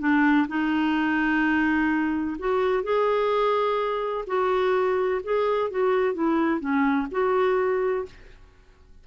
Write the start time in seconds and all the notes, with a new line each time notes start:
0.00 D4
0.48 D#4
2.39 F#4
2.84 G#4
4.27 F#4
5.24 G#4
5.71 F#4
6.15 E4
6.60 C#4
7.11 F#4